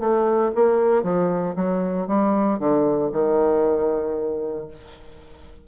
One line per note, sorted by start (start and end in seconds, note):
0.00 0.52 A3
0.55 1.03 A#3
1.03 1.55 F3
1.56 2.07 F#3
2.07 2.59 G3
2.59 3.11 D3
3.12 4.67 D#3